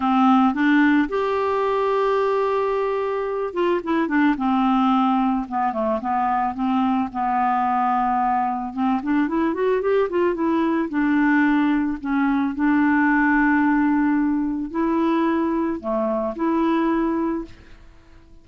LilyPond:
\new Staff \with { instrumentName = "clarinet" } { \time 4/4 \tempo 4 = 110 c'4 d'4 g'2~ | g'2~ g'8 f'8 e'8 d'8 | c'2 b8 a8 b4 | c'4 b2. |
c'8 d'8 e'8 fis'8 g'8 f'8 e'4 | d'2 cis'4 d'4~ | d'2. e'4~ | e'4 a4 e'2 | }